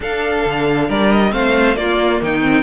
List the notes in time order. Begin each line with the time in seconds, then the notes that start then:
0.00 D4 A4 F5
0.45 D3
0.87 G3 A#4 D5
1.11 D#5
1.31 A3 C4 C5 F5
1.75 A#3 F4 D5
2.21 D#3 D#4 G5
2.42 C4